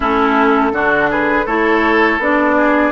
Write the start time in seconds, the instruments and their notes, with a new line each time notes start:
0.00 bassoon A3, clarinet C#4, oboe E4, flute A4
0.72 bassoon D3, clarinet D4, oboe F#4
1.10 oboe G#4, flute B4
1.45 bassoon A3, clarinet E4, oboe A4, flute C#5
2.18 bassoon B3, clarinet D4, flute D5
2.57 oboe G#4